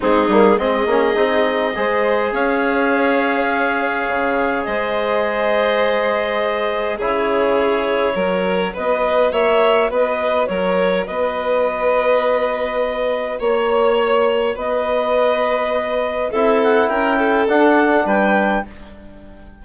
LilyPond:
<<
  \new Staff \with { instrumentName = "clarinet" } { \time 4/4 \tempo 4 = 103 gis'4 dis''2. | f''1 | dis''1 | cis''2. dis''4 |
e''4 dis''4 cis''4 dis''4~ | dis''2. cis''4~ | cis''4 dis''2. | e''8 fis''8 g''4 fis''4 g''4 | }
  \new Staff \with { instrumentName = "violin" } { \time 4/4 dis'4 gis'2 c''4 | cis''1 | c''1 | gis'2 ais'4 b'4 |
cis''4 b'4 ais'4 b'4~ | b'2. cis''4~ | cis''4 b'2. | a'4 ais'8 a'4. b'4 | }
  \new Staff \with { instrumentName = "trombone" } { \time 4/4 c'8 ais8 c'8 cis'8 dis'4 gis'4~ | gis'1~ | gis'1 | e'2 fis'2~ |
fis'1~ | fis'1~ | fis'1 | e'2 d'2 | }
  \new Staff \with { instrumentName = "bassoon" } { \time 4/4 gis8 g8 gis8 ais8 c'4 gis4 | cis'2. cis4 | gis1 | cis2 fis4 b4 |
ais4 b4 fis4 b4~ | b2. ais4~ | ais4 b2. | c'4 cis'4 d'4 g4 | }
>>